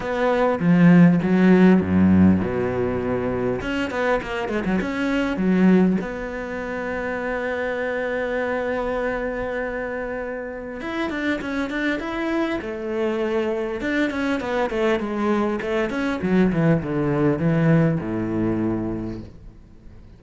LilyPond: \new Staff \with { instrumentName = "cello" } { \time 4/4 \tempo 4 = 100 b4 f4 fis4 fis,4 | b,2 cis'8 b8 ais8 gis16 fis16 | cis'4 fis4 b2~ | b1~ |
b2 e'8 d'8 cis'8 d'8 | e'4 a2 d'8 cis'8 | b8 a8 gis4 a8 cis'8 fis8 e8 | d4 e4 a,2 | }